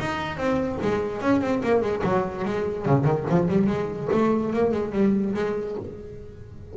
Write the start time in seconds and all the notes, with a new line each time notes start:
0.00 D#4
0.38 C4
0.83 G#3
1.22 C#4
1.42 C4
1.64 A#3
1.82 G#3
2.04 F#3
2.45 G#3
2.86 C#3
3.05 D#3
3.30 F3
3.49 G3
3.67 G#3
4.12 A3
4.54 A#3
4.72 G#3
4.93 G3
5.35 G#3